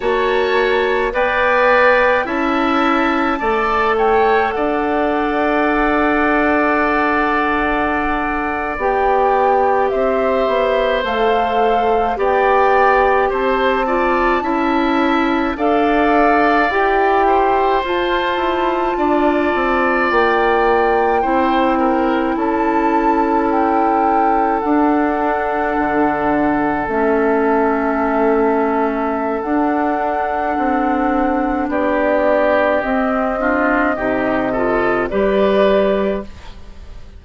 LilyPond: <<
  \new Staff \with { instrumentName = "flute" } { \time 4/4 \tempo 4 = 53 a''4 g''4 a''4. g''8 | fis''2.~ fis''8. g''16~ | g''8. e''4 f''4 g''4 a''16~ | a''4.~ a''16 f''4 g''4 a''16~ |
a''4.~ a''16 g''2 a''16~ | a''8. g''4 fis''2 e''16~ | e''2 fis''2 | d''4 dis''2 d''4 | }
  \new Staff \with { instrumentName = "oboe" } { \time 4/4 cis''4 d''4 e''4 d''8 cis''8 | d''1~ | d''8. c''2 d''4 c''16~ | c''16 d''8 e''4 d''4. c''8.~ |
c''8. d''2 c''8 ais'8 a'16~ | a'1~ | a'1 | g'4. f'8 g'8 a'8 b'4 | }
  \new Staff \with { instrumentName = "clarinet" } { \time 4/4 fis'4 b'4 e'4 a'4~ | a'2.~ a'8. g'16~ | g'4.~ g'16 a'4 g'4~ g'16~ | g'16 f'8 e'4 a'4 g'4 f'16~ |
f'2~ f'8. e'4~ e'16~ | e'4.~ e'16 d'2 cis'16~ | cis'2 d'2~ | d'4 c'8 d'8 dis'8 f'8 g'4 | }
  \new Staff \with { instrumentName = "bassoon" } { \time 4/4 ais4 b4 cis'4 a4 | d'2.~ d'8. b16~ | b8. c'8 b8 a4 b4 c'16~ | c'8. cis'4 d'4 e'4 f'16~ |
f'16 e'8 d'8 c'8 ais4 c'4 cis'16~ | cis'4.~ cis'16 d'4 d4 a16~ | a2 d'4 c'4 | b4 c'4 c4 g4 | }
>>